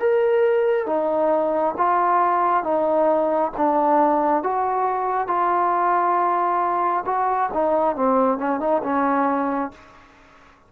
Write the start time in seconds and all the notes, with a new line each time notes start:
0.00 A#4
0.86 D#4
1.77 F4
2.63 D#4
3.57 D4
4.43 F#4
5.28 F4
7.06 F#4
7.53 D#4
7.96 C4
8.38 C#4
8.60 D#4
8.83 C#4